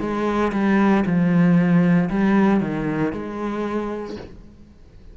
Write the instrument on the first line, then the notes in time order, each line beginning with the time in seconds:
cello
0.00 G#3
0.52 G3
1.06 F3
2.10 G3
2.61 D#3
3.13 G#3